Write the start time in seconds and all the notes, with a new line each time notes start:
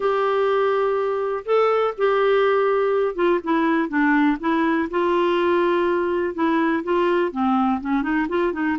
0.00 G4
1.45 A4
1.97 G4
3.15 F4
3.43 E4
3.88 D4
4.40 E4
4.90 F4
6.34 E4
6.83 F4
7.31 C4
7.80 C#4
8.02 D#4
8.28 F4
8.52 D#4